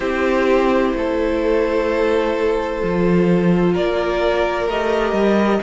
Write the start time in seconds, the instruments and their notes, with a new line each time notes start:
0.00 cello C4, viola E4, violin G4 C5
0.94 cello A3, violin A4
2.81 cello F3, viola F4
3.73 cello A#3, violin A#4 D5
4.67 cello A3, viola G4, violin D#5
5.12 cello G3